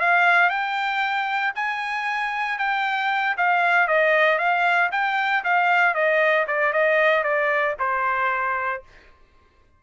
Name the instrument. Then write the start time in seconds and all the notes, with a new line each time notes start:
trumpet
0.00 F5
0.49 G5
1.55 G#5
2.58 G5
3.37 F5
3.87 D#5
4.38 F5
4.91 G5
5.44 F5
5.94 D#5
6.47 D5
6.73 D#5
7.23 D5
7.79 C5